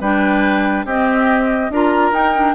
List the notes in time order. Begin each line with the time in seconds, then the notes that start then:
0.00 G3 D4 B4 G5
0.85 C4 G4 D#5
1.70 D4 F4 A#4 A#5
2.12 D#4 G5
2.35 D4